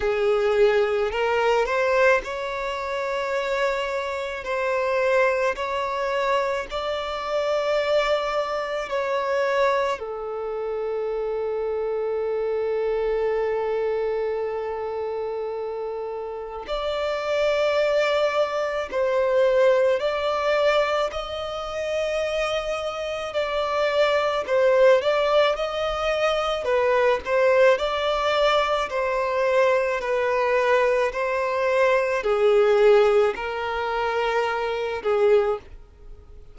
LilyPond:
\new Staff \with { instrumentName = "violin" } { \time 4/4 \tempo 4 = 54 gis'4 ais'8 c''8 cis''2 | c''4 cis''4 d''2 | cis''4 a'2.~ | a'2. d''4~ |
d''4 c''4 d''4 dis''4~ | dis''4 d''4 c''8 d''8 dis''4 | b'8 c''8 d''4 c''4 b'4 | c''4 gis'4 ais'4. gis'8 | }